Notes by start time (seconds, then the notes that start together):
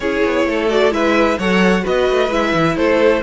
0.00 C#4 E4 G#4 C#5
0.24 B3
0.46 A3 A4
0.69 F#4 D5
0.91 G#3 E4 B4 E5
1.38 F#3 A4 C#5 F#5
1.82 B3 F#4 B4 D#5
2.10 A3
2.29 G#3 E4 E5
2.53 E3
2.76 A3 A4 C5